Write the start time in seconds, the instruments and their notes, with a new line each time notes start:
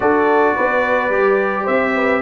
0.00 tuba D4, trombone F#4, horn A4, trumpet D5
0.55 tuba B3, horn B4
1.09 tuba G3, trombone G4
1.63 tuba C4, horn C5, trumpet E5
1.95 horn B4